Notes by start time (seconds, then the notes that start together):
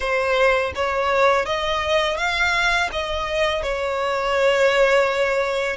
0.00 C5
0.75 C#5
1.45 D#5
2.17 F5
2.91 D#5
3.62 C#5